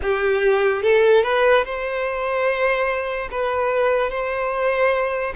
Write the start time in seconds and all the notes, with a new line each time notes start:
0.02 G4
0.82 A4
1.23 B4
1.64 C5
3.31 B4
4.10 C5